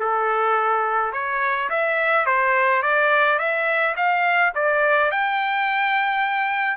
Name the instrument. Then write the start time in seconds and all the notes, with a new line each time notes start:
trumpet
0.00 A4
1.13 C#5
1.70 E5
2.27 C5
2.83 D5
3.39 E5
3.97 F5
4.55 D5
5.12 G5